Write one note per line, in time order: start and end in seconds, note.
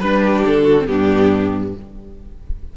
0.00 0.44 G3
0.00 0.78 D4
0.00 0.22 B4
0.00 0.43 B4
0.23 0.63 G4
0.46 0.88 D3
0.46 0.87 A4
0.63 0.85 F#4
0.79 0.87 C4
0.87 1.74 G2
0.87 1.74 B3
0.87 1.77 D4
0.87 1.73 G4